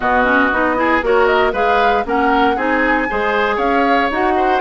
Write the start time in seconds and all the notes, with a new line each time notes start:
0.00 B2 B3 F#4 D#5
0.24 C#4
0.51 B3 D#4
0.76 E4 G#4
1.02 A#3 F#4 A#4 C#5
1.26 D#5
1.52 G#3 G#4 B4 F5
2.04 A#3 C#4 A#4 F#5
2.56 C4 D#4 G#4 G#5
3.09 G#3 G#4 C5
3.56 C#4 C#5 F5
4.10 D#4 F#4 F#5
4.36 C5